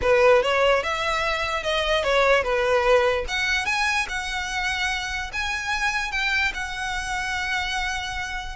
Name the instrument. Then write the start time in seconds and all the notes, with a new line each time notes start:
violin
0.01 B4
0.42 C#5
0.83 E5
1.63 D#5
2.03 C#5
2.43 B4
3.27 F#5
3.65 G#5
4.08 F#5
5.32 G#5
6.11 G5
6.54 F#5